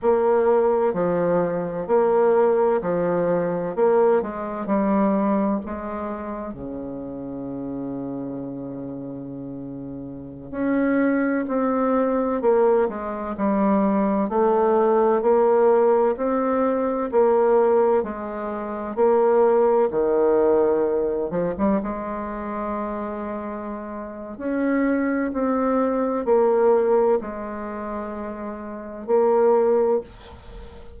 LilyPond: \new Staff \with { instrumentName = "bassoon" } { \time 4/4 \tempo 4 = 64 ais4 f4 ais4 f4 | ais8 gis8 g4 gis4 cis4~ | cis2.~ cis16 cis'8.~ | cis'16 c'4 ais8 gis8 g4 a8.~ |
a16 ais4 c'4 ais4 gis8.~ | gis16 ais4 dis4. f16 g16 gis8.~ | gis2 cis'4 c'4 | ais4 gis2 ais4 | }